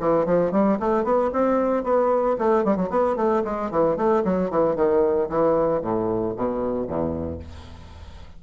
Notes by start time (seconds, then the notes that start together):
0.00 E3
0.26 F3
0.52 G3
0.80 A3
1.04 B3
1.33 C4
1.84 B3
2.39 A3
2.65 G3
2.77 F#3
2.90 B3
3.16 A3
3.44 G#3
3.71 E3
3.97 A3
4.25 F#3
4.51 E3
4.76 D#3
5.29 E3
5.82 A2
6.37 B2
6.87 E2